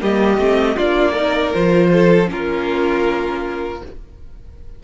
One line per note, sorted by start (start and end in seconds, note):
0.00 0.38 G3
0.00 0.38 A#3
0.00 0.76 G4
0.00 0.77 D#5
0.38 0.76 A3
0.38 0.76 C4
0.76 1.54 A#3
0.76 1.15 D4
0.76 1.12 F4
0.76 1.53 D5
1.12 1.53 D#4
1.12 1.88 A#4
1.53 2.29 F3
1.53 2.26 F4
1.53 2.29 C5
1.92 2.30 A4
2.26 3.81 A#3
2.26 3.78 C#4
2.26 3.83 F4
2.26 3.83 A#4